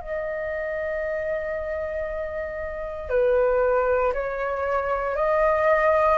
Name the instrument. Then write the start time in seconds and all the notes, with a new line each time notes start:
flute
0.00 D#5
3.09 B4
4.13 C#5
5.15 D#5